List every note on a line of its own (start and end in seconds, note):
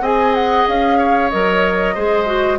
0.00 0.65 C4
0.00 1.31 G#4
0.00 0.98 D#5
0.00 0.35 G#5
0.35 0.67 F#5
0.68 1.32 C#4
0.68 1.29 F5
0.98 1.94 C#5
1.29 1.96 F#3
1.29 1.96 A#4
1.29 2.58 D#5
1.94 2.59 G#3
1.94 2.25 G#4
1.94 2.59 C5
2.25 2.58 F#4